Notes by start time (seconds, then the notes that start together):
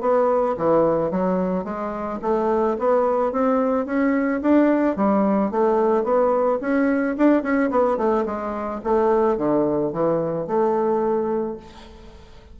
0.00 B3
0.57 E3
1.11 F#3
1.64 G#3
2.21 A3
2.78 B3
3.32 C4
3.86 C#4
4.41 D4
4.96 G3
5.51 A3
6.04 B3
6.61 C#4
7.17 D4
7.42 C#4
7.70 B3
7.97 A3
8.25 G#3
8.83 A3
9.37 D3
9.92 E3
10.46 A3